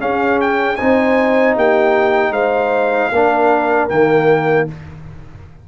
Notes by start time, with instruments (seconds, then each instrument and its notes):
0.00 trombone C#4, tuba C#4, horn G#4, trumpet F5
0.41 trumpet G5
0.76 tuba C4, trombone D#4, horn C5, trumpet G#5
1.56 tuba A#3, horn G4, trumpet G5
2.31 tuba G#3, horn C5, trumpet F5
3.12 tuba A#3, trombone D4, horn A#4
3.89 tuba D#3, trombone A#3, trumpet G5